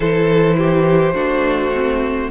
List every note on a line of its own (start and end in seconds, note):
0.00 1.13 E3
0.00 1.14 E4
0.00 0.56 A4
0.00 2.30 C5
0.57 1.14 G4
1.13 2.29 A3
1.13 1.71 D4
1.13 2.30 F#4
1.73 2.31 C4